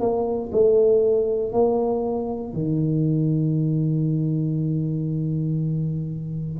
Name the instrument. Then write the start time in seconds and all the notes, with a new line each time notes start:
tuba
0.00 A#3
0.52 A3
1.53 A#3
2.53 D#3